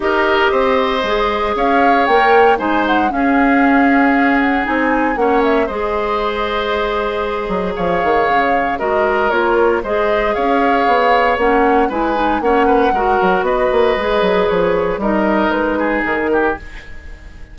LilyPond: <<
  \new Staff \with { instrumentName = "flute" } { \time 4/4 \tempo 4 = 116 dis''2. f''4 | g''4 gis''8 fis''8 f''2~ | f''8 fis''8 gis''4 fis''8 e''8 dis''4~ | dis''2. f''4~ |
f''4 dis''4 cis''4 dis''4 | f''2 fis''4 gis''4 | fis''2 dis''2 | cis''4 dis''4 b'4 ais'4 | }
  \new Staff \with { instrumentName = "oboe" } { \time 4/4 ais'4 c''2 cis''4~ | cis''4 c''4 gis'2~ | gis'2 cis''4 c''4~ | c''2. cis''4~ |
cis''4 ais'2 c''4 | cis''2. b'4 | cis''8 b'8 ais'4 b'2~ | b'4 ais'4. gis'4 g'8 | }
  \new Staff \with { instrumentName = "clarinet" } { \time 4/4 g'2 gis'2 | ais'4 dis'4 cis'2~ | cis'4 dis'4 cis'4 gis'4~ | gis'1~ |
gis'4 fis'4 f'4 gis'4~ | gis'2 cis'4 e'8 dis'8 | cis'4 fis'2 gis'4~ | gis'4 dis'2. | }
  \new Staff \with { instrumentName = "bassoon" } { \time 4/4 dis'4 c'4 gis4 cis'4 | ais4 gis4 cis'2~ | cis'4 c'4 ais4 gis4~ | gis2~ gis8 fis8 f8 dis8 |
cis4 gis4 ais4 gis4 | cis'4 b4 ais4 gis4 | ais4 gis8 fis8 b8 ais8 gis8 fis8 | f4 g4 gis4 dis4 | }
>>